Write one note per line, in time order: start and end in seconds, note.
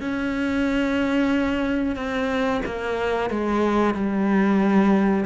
0.00 1.96 C#4
1.96 2.61 C4
2.65 3.30 A#3
3.30 3.94 G#3
3.94 5.25 G3